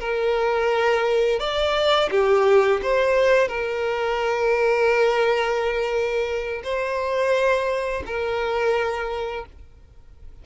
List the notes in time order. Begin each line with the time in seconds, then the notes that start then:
0.00 A#4
1.40 D5
2.11 G4
2.83 C5
3.48 A#4
6.64 C5
8.06 A#4